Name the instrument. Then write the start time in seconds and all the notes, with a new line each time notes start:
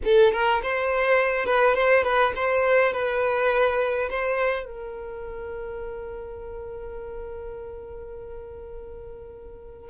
violin
0.04 A4
0.32 A#4
0.62 C5
1.45 B4
1.74 C5
2.03 B4
2.35 C5
2.92 B4
4.10 C5
4.65 A#4